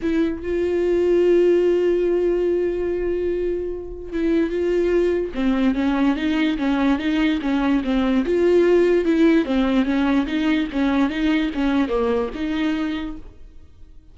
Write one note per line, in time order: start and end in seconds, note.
0.01 0.42 E4
0.42 4.12 F4
4.12 4.49 E4
4.49 5.32 F4
5.34 5.74 C4
5.74 6.16 C#4
6.16 6.57 D#4
6.58 6.98 C#4
6.98 7.39 D#4
7.41 7.82 C#4
7.83 8.25 C4
8.25 9.04 F4
9.04 9.45 E4
9.45 9.85 C4
9.85 10.26 C#4
10.26 10.67 D#4
10.72 11.09 C#4
11.09 11.50 D#4
11.54 11.88 C#4
11.88 12.29 A#3
12.34 13.16 D#4